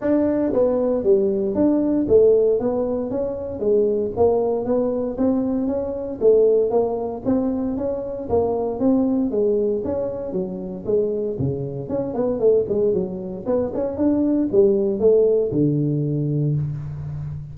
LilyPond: \new Staff \with { instrumentName = "tuba" } { \time 4/4 \tempo 4 = 116 d'4 b4 g4 d'4 | a4 b4 cis'4 gis4 | ais4 b4 c'4 cis'4 | a4 ais4 c'4 cis'4 |
ais4 c'4 gis4 cis'4 | fis4 gis4 cis4 cis'8 b8 | a8 gis8 fis4 b8 cis'8 d'4 | g4 a4 d2 | }